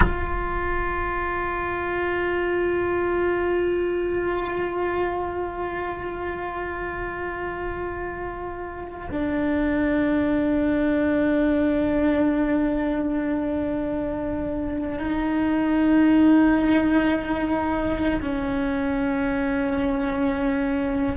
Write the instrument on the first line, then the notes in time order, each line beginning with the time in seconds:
cello
0.00 F4
9.11 D4
14.99 D#4
18.21 C#4